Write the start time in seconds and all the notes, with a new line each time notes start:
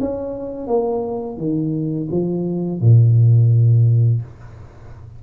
0.00 C#4
0.67 A#3
1.37 D#3
2.10 F3
2.80 A#2